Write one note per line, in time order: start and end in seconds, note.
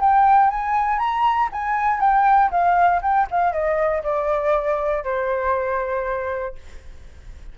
0.00 0.50 G5
0.50 0.99 G#5
0.99 1.49 A#5
1.52 2.00 G#5
2.00 2.50 G5
2.51 3.01 F5
3.02 3.27 G5
3.31 3.52 F5
3.52 4.03 D#5
4.03 5.04 D5
5.04 6.55 C5